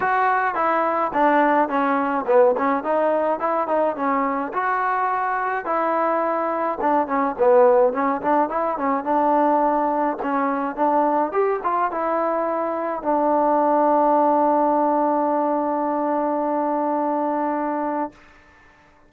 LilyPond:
\new Staff \with { instrumentName = "trombone" } { \time 4/4 \tempo 4 = 106 fis'4 e'4 d'4 cis'4 | b8 cis'8 dis'4 e'8 dis'8 cis'4 | fis'2 e'2 | d'8 cis'8 b4 cis'8 d'8 e'8 cis'8 |
d'2 cis'4 d'4 | g'8 f'8 e'2 d'4~ | d'1~ | d'1 | }